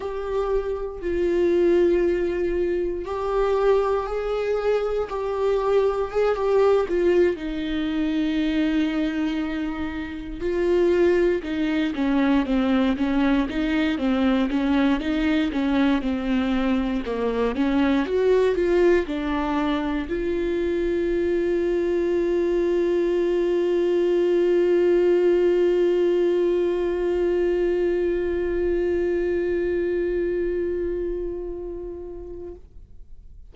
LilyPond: \new Staff \with { instrumentName = "viola" } { \time 4/4 \tempo 4 = 59 g'4 f'2 g'4 | gis'4 g'4 gis'16 g'8 f'8 dis'8.~ | dis'2~ dis'16 f'4 dis'8 cis'16~ | cis'16 c'8 cis'8 dis'8 c'8 cis'8 dis'8 cis'8 c'16~ |
c'8. ais8 cis'8 fis'8 f'8 d'4 f'16~ | f'1~ | f'1~ | f'1 | }